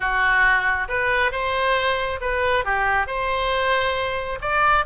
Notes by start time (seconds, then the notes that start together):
0.00 F#4
0.88 B4
1.31 C5
2.21 B4
2.65 G4
3.07 C5
4.41 D5